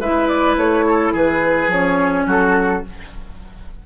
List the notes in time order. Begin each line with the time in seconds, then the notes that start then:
0.00 G#3 E4 B4 E5
0.28 D5
0.56 A3 C#5
0.86 A4
1.12 E3 G#4 B4
1.67 F3 C#4 C#5
2.26 F#3 F#4 A4